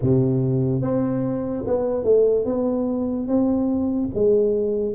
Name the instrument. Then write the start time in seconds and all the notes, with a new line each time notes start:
tuba
0.01 C3
0.81 C4
1.67 B3
2.04 A3
2.45 B3
3.27 C4
4.14 G#3